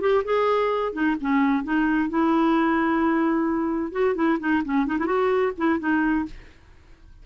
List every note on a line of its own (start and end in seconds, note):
0.00 0.23 G4
0.24 0.93 G#4
0.93 1.16 D#4
1.20 1.63 C#4
1.63 2.09 D#4
2.09 3.92 E4
3.92 4.15 F#4
4.15 4.38 E4
4.39 4.62 D#4
4.64 4.86 C#4
4.86 4.98 D#4
4.98 5.06 E4
5.06 5.52 F#4
5.57 5.79 E4
5.79 6.25 D#4